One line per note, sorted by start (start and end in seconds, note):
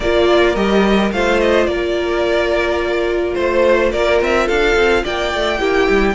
0.00 0.55 A#3
0.00 0.56 F4
0.00 1.13 A#4
0.00 0.55 D5
0.55 1.11 G3
0.55 1.12 G4
0.55 1.11 D#5
1.11 1.66 A3
1.11 5.58 F4
1.11 1.69 C5
1.11 1.39 F5
1.39 1.66 D#5
1.66 3.35 A#3
1.66 3.37 A#4
1.66 3.34 D5
3.34 3.93 A3
3.34 3.90 C5
3.34 3.92 C5
3.91 4.21 A#3
3.91 4.46 A#4
3.91 4.19 D5
4.21 4.49 C4
4.21 4.48 E5
4.46 4.75 D4
4.46 5.03 A4
4.46 5.04 F5
4.75 5.04 C4
5.03 5.33 A#3
5.03 5.59 D5
5.03 6.15 G5
5.34 5.60 A3
5.58 5.88 A#3
5.58 6.14 E4
5.58 6.15 G4
5.89 6.15 G3